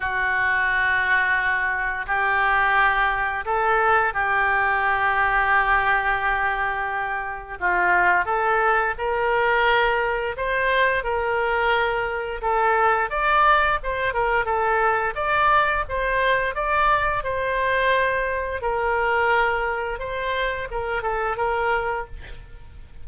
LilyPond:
\new Staff \with { instrumentName = "oboe" } { \time 4/4 \tempo 4 = 87 fis'2. g'4~ | g'4 a'4 g'2~ | g'2. f'4 | a'4 ais'2 c''4 |
ais'2 a'4 d''4 | c''8 ais'8 a'4 d''4 c''4 | d''4 c''2 ais'4~ | ais'4 c''4 ais'8 a'8 ais'4 | }